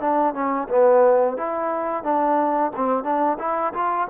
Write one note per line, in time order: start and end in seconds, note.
0.00 0.34 D4
0.34 0.68 C#4
0.68 1.37 B3
1.37 2.03 E4
2.03 2.71 D4
2.76 3.03 C4
3.03 3.37 D4
3.39 3.73 E4
3.73 4.08 F4